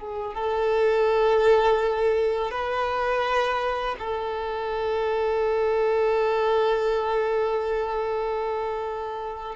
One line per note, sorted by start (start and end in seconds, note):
0.00 0.35 G#4
0.35 2.51 A4
2.51 3.96 B4
3.99 9.56 A4